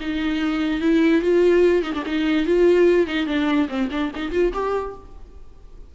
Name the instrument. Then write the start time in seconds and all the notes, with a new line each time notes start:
viola
0.00 D#4
0.81 E4
1.22 F4
1.83 D#4
1.93 D4
2.06 D#4
2.46 F4
3.07 D#4
3.26 D4
3.68 C4
3.91 D4
4.15 D#4
4.31 F4
4.53 G4